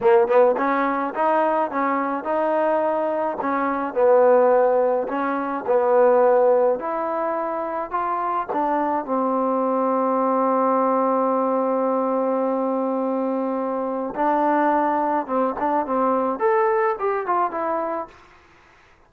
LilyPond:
\new Staff \with { instrumentName = "trombone" } { \time 4/4 \tempo 4 = 106 ais8 b8 cis'4 dis'4 cis'4 | dis'2 cis'4 b4~ | b4 cis'4 b2 | e'2 f'4 d'4 |
c'1~ | c'1~ | c'4 d'2 c'8 d'8 | c'4 a'4 g'8 f'8 e'4 | }